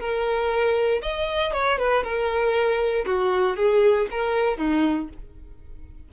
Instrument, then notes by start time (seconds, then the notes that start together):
violin
0.00 A#4
1.02 D#5
1.53 C#5
1.79 B4
2.04 A#4
3.06 F#4
3.56 G#4
4.11 A#4
4.58 D#4